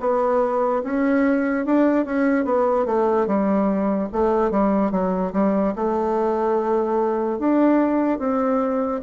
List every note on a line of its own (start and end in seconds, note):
0.00 0.82 B3
0.84 1.66 C#4
1.66 2.05 D4
2.05 2.45 C#4
2.45 2.85 B3
2.85 3.27 A3
3.27 4.09 G3
4.12 4.51 A3
4.51 4.91 G3
4.91 5.32 F#3
5.33 5.74 G3
5.76 7.39 A3
7.39 8.19 D4
8.19 9.01 C4